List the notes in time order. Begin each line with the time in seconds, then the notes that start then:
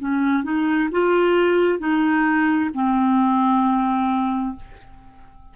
0.00 C#4
0.44 D#4
0.92 F4
1.80 D#4
2.74 C4